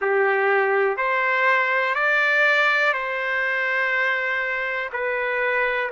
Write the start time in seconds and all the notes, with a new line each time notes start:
0.00 G4
0.97 C5
1.94 D5
2.93 C5
4.92 B4